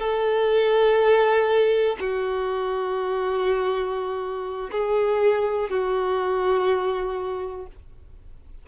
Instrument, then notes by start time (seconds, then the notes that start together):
violin
0.00 A4
2.00 F#4
4.72 G#4
5.70 F#4